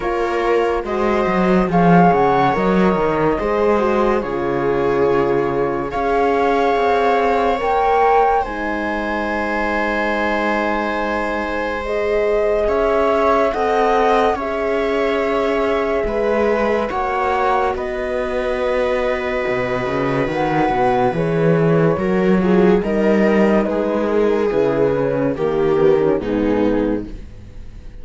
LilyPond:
<<
  \new Staff \with { instrumentName = "flute" } { \time 4/4 \tempo 4 = 71 cis''4 dis''4 f''8 fis''8 dis''4~ | dis''4 cis''2 f''4~ | f''4 g''4 gis''2~ | gis''2 dis''4 e''4 |
fis''4 e''2. | fis''4 dis''2. | fis''4 cis''2 dis''4 | b'8 ais'8 b'4 ais'4 gis'4 | }
  \new Staff \with { instrumentName = "viola" } { \time 4/4 ais'4 c''4 cis''2 | c''4 gis'2 cis''4~ | cis''2 c''2~ | c''2. cis''4 |
dis''4 cis''2 b'4 | cis''4 b'2.~ | b'2 ais'8 gis'8 ais'4 | gis'2 g'4 dis'4 | }
  \new Staff \with { instrumentName = "horn" } { \time 4/4 f'4 fis'4 gis'4 ais'4 | gis'8 fis'8 f'2 gis'4~ | gis'4 ais'4 dis'2~ | dis'2 gis'2 |
a'4 gis'2. | fis'1~ | fis'4 gis'4 fis'8 f'8 dis'4~ | dis'4 e'8 cis'8 ais8 b16 cis'16 b4 | }
  \new Staff \with { instrumentName = "cello" } { \time 4/4 ais4 gis8 fis8 f8 cis8 fis8 dis8 | gis4 cis2 cis'4 | c'4 ais4 gis2~ | gis2. cis'4 |
c'4 cis'2 gis4 | ais4 b2 b,8 cis8 | dis8 b,8 e4 fis4 g4 | gis4 cis4 dis4 gis,4 | }
>>